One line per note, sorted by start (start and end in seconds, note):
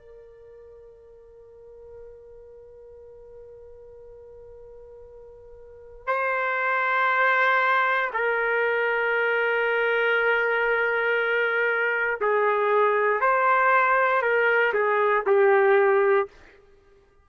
0.00 6.07 A#4
6.07 8.11 C5
8.14 12.20 A#4
12.21 13.22 G#4
13.22 14.23 C5
14.23 14.74 A#4
14.74 15.25 G#4
15.27 16.29 G4